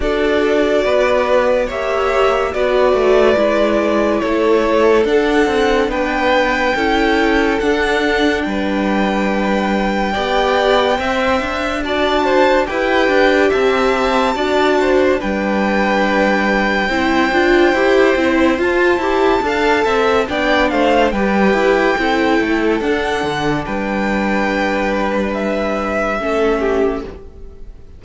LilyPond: <<
  \new Staff \with { instrumentName = "violin" } { \time 4/4 \tempo 4 = 71 d''2 e''4 d''4~ | d''4 cis''4 fis''4 g''4~ | g''4 fis''4 g''2~ | g''2 a''4 g''4 |
a''2 g''2~ | g''2 a''2 | g''8 f''8 g''2 fis''4 | g''2 e''2 | }
  \new Staff \with { instrumentName = "violin" } { \time 4/4 a'4 b'4 cis''4 b'4~ | b'4 a'2 b'4 | a'2 b'2 | d''4 e''4 d''8 c''8 b'4 |
e''4 d''8 c''8 b'2 | c''2. f''8 e''8 | d''8 c''8 b'4 a'2 | b'2. a'8 g'8 | }
  \new Staff \with { instrumentName = "viola" } { \time 4/4 fis'2 g'4 fis'4 | e'2 d'2 | e'4 d'2. | g'4 c''4 fis'4 g'4~ |
g'4 fis'4 d'2 | e'8 f'8 g'8 e'8 f'8 g'8 a'4 | d'4 g'4 e'4 d'4~ | d'2. cis'4 | }
  \new Staff \with { instrumentName = "cello" } { \time 4/4 d'4 b4 ais4 b8 a8 | gis4 a4 d'8 c'8 b4 | cis'4 d'4 g2 | b4 c'8 d'4. e'8 d'8 |
c'4 d'4 g2 | c'8 d'8 e'8 c'8 f'8 e'8 d'8 c'8 | b8 a8 g8 e'8 c'8 a8 d'8 d8 | g2. a4 | }
>>